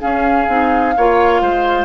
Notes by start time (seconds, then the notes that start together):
0.00 C#4 G#4 F5
0.47 C4 D#4
0.96 A#3 F4 C#5
1.41 G#3 C5